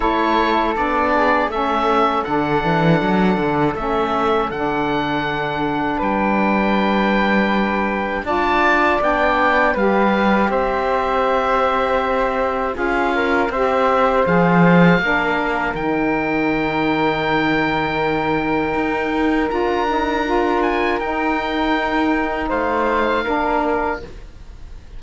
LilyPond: <<
  \new Staff \with { instrumentName = "oboe" } { \time 4/4 \tempo 4 = 80 cis''4 d''4 e''4 fis''4~ | fis''4 e''4 fis''2 | g''2. a''4 | g''4 f''4 e''2~ |
e''4 f''4 e''4 f''4~ | f''4 g''2.~ | g''2 ais''4. gis''8 | g''2 f''2 | }
  \new Staff \with { instrumentName = "flute" } { \time 4/4 a'4. gis'8 a'2~ | a'1 | b'2. d''4~ | d''4 b'4 c''2~ |
c''4 gis'8 ais'8 c''2 | ais'1~ | ais'1~ | ais'2 c''4 ais'4 | }
  \new Staff \with { instrumentName = "saxophone" } { \time 4/4 e'4 d'4 cis'4 d'4~ | d'4 cis'4 d'2~ | d'2. f'4 | d'4 g'2.~ |
g'4 f'4 g'4 gis'4 | d'4 dis'2.~ | dis'2 f'8 dis'8 f'4 | dis'2. d'4 | }
  \new Staff \with { instrumentName = "cello" } { \time 4/4 a4 b4 a4 d8 e8 | fis8 d8 a4 d2 | g2. d'4 | b4 g4 c'2~ |
c'4 cis'4 c'4 f4 | ais4 dis2.~ | dis4 dis'4 d'2 | dis'2 a4 ais4 | }
>>